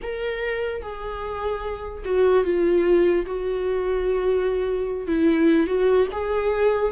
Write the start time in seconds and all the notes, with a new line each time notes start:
0.02 A#4
0.81 G#4
2.05 F#4
2.44 F4
3.25 F#4
5.07 E4
5.66 F#4
6.11 G#4